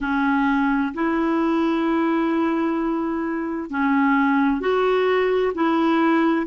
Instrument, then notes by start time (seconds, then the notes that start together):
clarinet
0.00 C#4
0.94 E4
3.70 C#4
4.60 F#4
5.54 E4